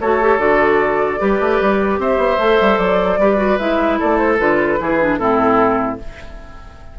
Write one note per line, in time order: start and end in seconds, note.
0.00 0.38 A3
0.00 0.21 F#4
0.00 1.20 A4
0.00 0.39 C#5
0.21 0.38 G4
0.38 1.18 D3
0.38 1.18 F#4
0.38 1.99 D5
1.18 1.40 G3
1.18 2.38 G4
1.18 1.99 B4
1.40 1.60 A3
1.60 1.98 G3
1.98 2.17 C4
1.98 3.19 C5
1.98 2.78 E5
2.17 2.37 B3
2.38 2.58 A3
2.38 3.19 A4
2.60 2.78 G3
2.78 3.17 F#3
2.78 3.58 D5
3.17 3.57 G3
3.17 3.37 G4
3.17 3.99 B4
3.37 3.57 F#4
3.58 3.99 G#3
3.58 4.38 E4
3.58 3.98 E5
3.99 4.39 A3
3.99 4.79 A4
3.99 4.17 D5
4.17 4.37 C5
4.38 4.79 D3
4.38 4.78 F4
4.38 5.17 B4
4.78 5.19 E3
4.78 4.98 E4
4.78 5.19 G#4
5.00 5.19 D4
5.17 5.99 A2
5.17 5.99 C4
5.17 5.99 E4
5.17 5.97 A4